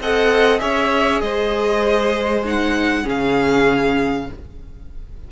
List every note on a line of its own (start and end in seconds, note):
0.00 0.61 C4
0.00 0.59 A4
0.00 0.61 D#5
0.00 0.60 F#5
0.59 1.21 C#4
0.59 2.43 G#4
0.59 1.22 C#5
0.59 1.21 E5
1.21 3.05 G#3
1.21 3.03 C5
1.21 2.43 D#5
2.45 3.03 D#4
2.45 3.09 F#5
3.03 4.30 C#3
3.03 4.26 C#4
3.03 4.25 G#4
3.09 4.31 F5